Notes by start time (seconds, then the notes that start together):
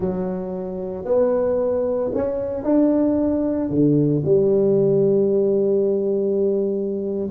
0.00 F#3
1.05 B3
2.14 C#4
2.63 D4
3.69 D3
4.24 G3